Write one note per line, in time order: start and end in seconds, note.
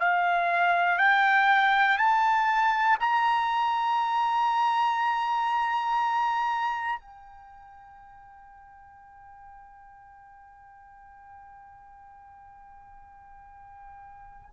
0.00 0.99 F5
0.99 1.98 G5
1.98 2.98 A5
3.00 7.00 A#5
7.00 14.50 G5